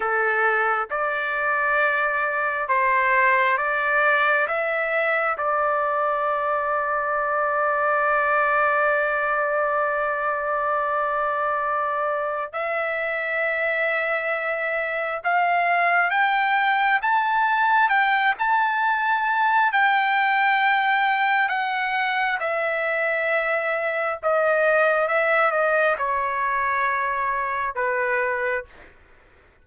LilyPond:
\new Staff \with { instrumentName = "trumpet" } { \time 4/4 \tempo 4 = 67 a'4 d''2 c''4 | d''4 e''4 d''2~ | d''1~ | d''2 e''2~ |
e''4 f''4 g''4 a''4 | g''8 a''4. g''2 | fis''4 e''2 dis''4 | e''8 dis''8 cis''2 b'4 | }